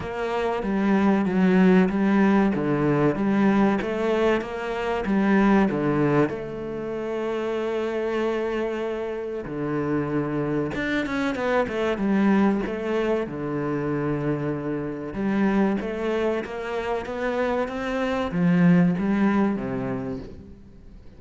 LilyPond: \new Staff \with { instrumentName = "cello" } { \time 4/4 \tempo 4 = 95 ais4 g4 fis4 g4 | d4 g4 a4 ais4 | g4 d4 a2~ | a2. d4~ |
d4 d'8 cis'8 b8 a8 g4 | a4 d2. | g4 a4 ais4 b4 | c'4 f4 g4 c4 | }